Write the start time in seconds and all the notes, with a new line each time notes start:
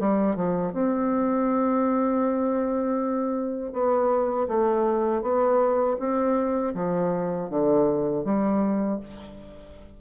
0.00 G3
0.36 F3
0.73 C4
3.73 B3
4.48 A3
5.22 B3
5.99 C4
6.75 F3
7.50 D3
8.25 G3